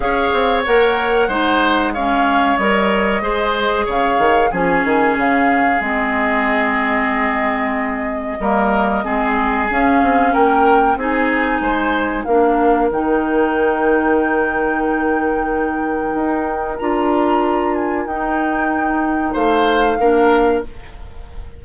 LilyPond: <<
  \new Staff \with { instrumentName = "flute" } { \time 4/4 \tempo 4 = 93 f''4 fis''2 f''4 | dis''2 f''4 gis''4 | f''4 dis''2.~ | dis''2. f''4 |
g''4 gis''2 f''4 | g''1~ | g''2 ais''4. gis''8 | g''2 f''2 | }
  \new Staff \with { instrumentName = "oboe" } { \time 4/4 cis''2 c''4 cis''4~ | cis''4 c''4 cis''4 gis'4~ | gis'1~ | gis'4 ais'4 gis'2 |
ais'4 gis'4 c''4 ais'4~ | ais'1~ | ais'1~ | ais'2 c''4 ais'4 | }
  \new Staff \with { instrumentName = "clarinet" } { \time 4/4 gis'4 ais'4 dis'4 cis'4 | ais'4 gis'2 cis'4~ | cis'4 c'2.~ | c'4 ais4 c'4 cis'4~ |
cis'4 dis'2 d'4 | dis'1~ | dis'2 f'2 | dis'2. d'4 | }
  \new Staff \with { instrumentName = "bassoon" } { \time 4/4 cis'8 c'8 ais4 gis2 | g4 gis4 cis8 dis8 f8 dis8 | cis4 gis2.~ | gis4 g4 gis4 cis'8 c'8 |
ais4 c'4 gis4 ais4 | dis1~ | dis4 dis'4 d'2 | dis'2 a4 ais4 | }
>>